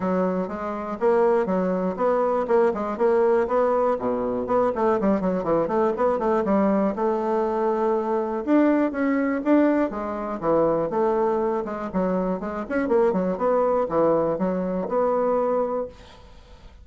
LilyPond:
\new Staff \with { instrumentName = "bassoon" } { \time 4/4 \tempo 4 = 121 fis4 gis4 ais4 fis4 | b4 ais8 gis8 ais4 b4 | b,4 b8 a8 g8 fis8 e8 a8 | b8 a8 g4 a2~ |
a4 d'4 cis'4 d'4 | gis4 e4 a4. gis8 | fis4 gis8 cis'8 ais8 fis8 b4 | e4 fis4 b2 | }